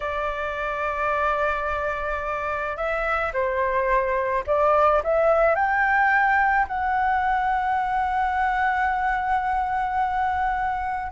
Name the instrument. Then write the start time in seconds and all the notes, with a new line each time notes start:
flute
0.00 D5
2.76 E5
3.33 C5
4.46 D5
5.03 E5
5.55 G5
6.67 F#5